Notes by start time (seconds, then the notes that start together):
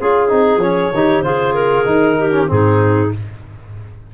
0.00 C#4 F4 G#4
0.29 C4 D#4
0.57 F3 C#4 C#5
0.94 D#3 D#4 G4
1.22 C#3 F4 G#4 C5
1.54 A#4
1.85 D#3 D#4
2.18 G4
2.32 C#4
2.47 G#2 C4 D#4 G#4